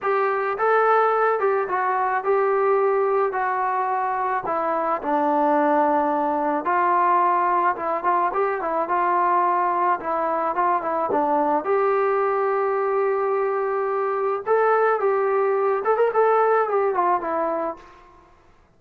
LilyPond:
\new Staff \with { instrumentName = "trombone" } { \time 4/4 \tempo 4 = 108 g'4 a'4. g'8 fis'4 | g'2 fis'2 | e'4 d'2. | f'2 e'8 f'8 g'8 e'8 |
f'2 e'4 f'8 e'8 | d'4 g'2.~ | g'2 a'4 g'4~ | g'8 a'16 ais'16 a'4 g'8 f'8 e'4 | }